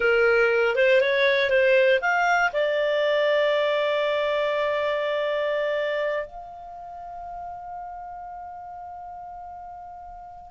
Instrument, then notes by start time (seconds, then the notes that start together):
clarinet
0.00 A#4
0.75 C5
1.00 C#5
1.50 C5
2.01 F5
2.52 D5
6.26 F5